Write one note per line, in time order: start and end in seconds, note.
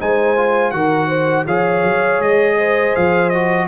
0.00 0.72 G#3
0.00 0.37 D#4
0.00 0.74 C5
0.00 0.71 G#5
0.37 0.73 F4
0.71 1.46 D#3
0.71 1.47 F#4
0.71 1.09 A#4
0.71 1.46 F#5
1.09 1.46 C5
1.46 1.83 F3
1.46 3.34 G#4
1.46 2.57 C#5
1.46 2.22 F5
1.83 2.19 F#3
2.19 2.94 G#3
2.19 2.96 D#5
2.58 3.68 C5
2.96 3.68 F3
2.96 3.30 F5
3.30 3.68 F#4
3.30 3.67 D#5